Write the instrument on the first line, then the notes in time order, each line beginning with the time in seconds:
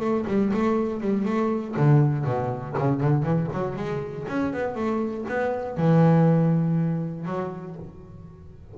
double bass
0.00 A3
0.27 G3
0.54 A3
1.01 G3
1.25 A3
1.76 D3
2.24 B2
2.78 C#3
3.00 D3
3.22 E3
3.53 F#3
3.76 G#3
4.28 C#4
4.53 B3
4.75 A3
5.28 B3
5.77 E3
7.25 F#3